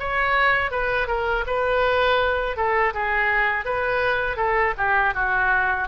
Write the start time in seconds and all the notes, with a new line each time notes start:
0.00 C#5
0.71 B4
1.08 A#4
1.47 B4
2.57 A4
2.94 G#4
3.65 B4
4.37 A4
4.78 G4
5.14 F#4